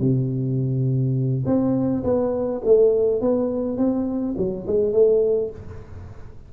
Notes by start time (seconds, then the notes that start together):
0.00 C3
1.46 C4
2.04 B3
2.65 A3
3.21 B3
3.77 C4
4.37 F#3
4.67 G#3
4.93 A3